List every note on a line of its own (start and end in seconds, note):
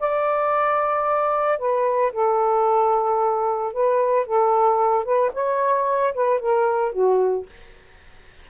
0.00 1.59 D5
1.59 2.12 B4
2.13 3.73 A4
3.73 4.26 B4
4.26 5.05 A4
5.05 5.31 B4
5.34 6.14 C#5
6.14 6.40 B4
6.40 6.92 A#4
6.92 7.46 F#4